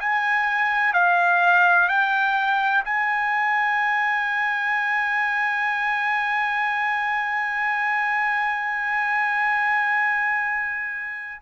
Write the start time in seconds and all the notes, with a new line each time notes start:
0.00 G#5
0.94 F5
1.89 G5
2.85 G#5